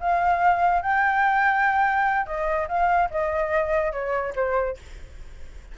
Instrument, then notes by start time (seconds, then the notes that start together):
flute
0.00 F5
0.82 G5
2.26 D#5
2.68 F5
3.10 D#5
3.92 C#5
4.35 C5